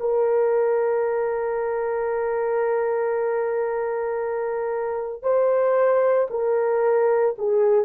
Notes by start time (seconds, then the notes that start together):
0.00 A#4
5.22 C5
6.31 A#4
7.38 G#4